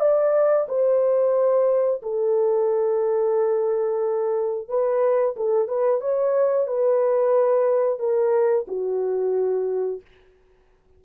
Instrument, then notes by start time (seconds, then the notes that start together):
horn
0.00 D5
0.68 C5
2.02 A4
4.68 B4
5.36 A4
5.68 B4
6.01 C#5
6.67 B4
7.99 A#4
8.68 F#4